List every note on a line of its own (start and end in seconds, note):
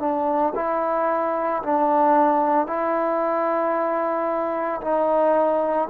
0.00 0.54 D4
0.55 1.62 E4
1.63 2.67 D4
2.67 4.81 E4
4.81 5.88 D#4